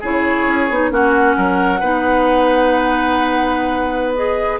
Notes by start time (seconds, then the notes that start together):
0.00 C#3 E4 G#4 C#5
0.47 C#4
0.69 B3 D#4
0.90 A#3 C#4 F#4 F#5
1.36 F#3 A#4
1.80 B3 D#4 B4
4.14 G#4 D#5